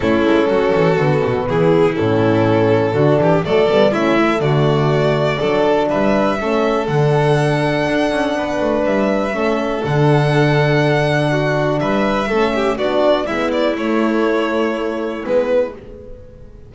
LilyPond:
<<
  \new Staff \with { instrumentName = "violin" } { \time 4/4 \tempo 4 = 122 a'2. gis'4 | a'2. d''4 | e''4 d''2. | e''2 fis''2~ |
fis''2 e''2 | fis''1 | e''2 d''4 e''8 d''8 | cis''2. b'4 | }
  \new Staff \with { instrumentName = "violin" } { \time 4/4 e'4 fis'2 e'4~ | e'2 fis'8 g'8 a'4 | e'4 fis'2 a'4 | b'4 a'2.~ |
a'4 b'2 a'4~ | a'2. fis'4 | b'4 a'8 g'8 fis'4 e'4~ | e'1 | }
  \new Staff \with { instrumentName = "horn" } { \time 4/4 cis'2 b2 | cis'2 d'4 a8 b8 | cis'8 a2~ a8 d'4~ | d'4 cis'4 d'2~ |
d'2. cis'4 | d'1~ | d'4 cis'4 d'4 b4 | a2. b4 | }
  \new Staff \with { instrumentName = "double bass" } { \time 4/4 a8 gis8 fis8 e8 d8 b,8 e4 | a,2 d8 e8 fis8 g8 | a4 d2 fis4 | g4 a4 d2 |
d'8 cis'8 b8 a8 g4 a4 | d1 | g4 a4 b4 gis4 | a2. gis4 | }
>>